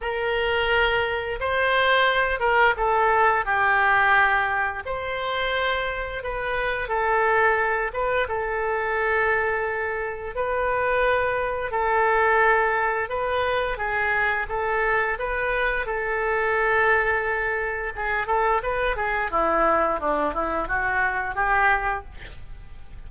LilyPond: \new Staff \with { instrumentName = "oboe" } { \time 4/4 \tempo 4 = 87 ais'2 c''4. ais'8 | a'4 g'2 c''4~ | c''4 b'4 a'4. b'8 | a'2. b'4~ |
b'4 a'2 b'4 | gis'4 a'4 b'4 a'4~ | a'2 gis'8 a'8 b'8 gis'8 | e'4 d'8 e'8 fis'4 g'4 | }